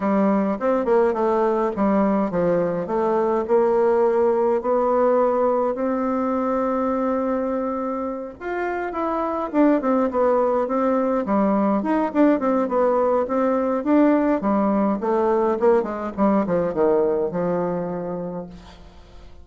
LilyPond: \new Staff \with { instrumentName = "bassoon" } { \time 4/4 \tempo 4 = 104 g4 c'8 ais8 a4 g4 | f4 a4 ais2 | b2 c'2~ | c'2~ c'8 f'4 e'8~ |
e'8 d'8 c'8 b4 c'4 g8~ | g8 dis'8 d'8 c'8 b4 c'4 | d'4 g4 a4 ais8 gis8 | g8 f8 dis4 f2 | }